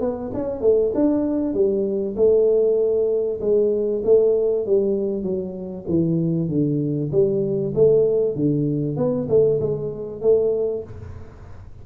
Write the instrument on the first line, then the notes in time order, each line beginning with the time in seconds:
tuba
0.00 B3
0.33 C#4
0.61 A3
0.94 D4
1.53 G3
2.16 A3
3.40 G#3
4.04 A3
4.66 G3
5.23 F#3
5.87 E3
6.48 D3
7.11 G3
7.74 A3
8.35 D3
8.96 B3
9.29 A3
9.60 G#3
10.21 A3